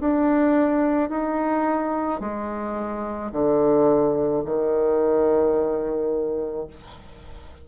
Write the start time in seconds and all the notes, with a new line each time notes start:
0.00 D4
1.09 D#4
2.20 G#3
3.31 D3
4.44 D#3